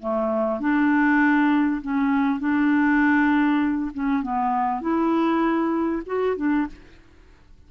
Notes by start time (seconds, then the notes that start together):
0.00 A3
0.60 D4
1.82 C#4
2.40 D4
3.94 C#4
4.23 B3
4.82 E4
6.06 F#4
6.37 D4